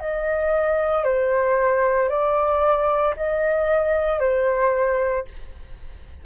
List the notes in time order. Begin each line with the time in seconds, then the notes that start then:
0.00 D#5
1.04 C5
2.09 D5
3.16 D#5
4.20 C5